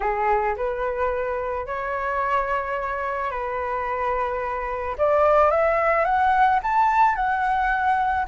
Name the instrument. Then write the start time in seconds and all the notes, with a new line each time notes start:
flute
0.00 G#4
0.56 B4
1.66 C#5
3.31 B4
4.98 D5
5.50 E5
6.04 F#5
6.62 A5
7.15 F#5